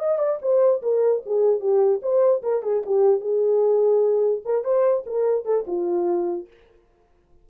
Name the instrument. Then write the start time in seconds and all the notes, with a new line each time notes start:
horn
0.00 D#5
0.19 D5
0.42 C5
0.83 A#4
1.26 G#4
1.61 G4
2.03 C5
2.43 A#4
2.63 G#4
2.86 G4
3.21 G#4
4.46 A#4
4.65 C5
5.07 A#4
5.45 A4
5.67 F4